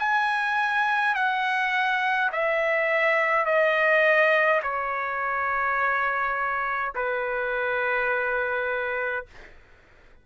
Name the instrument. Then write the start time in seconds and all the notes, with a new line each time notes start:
trumpet
0.00 G#5
1.15 F#5
2.33 E5
3.46 D#5
4.63 C#5
6.95 B4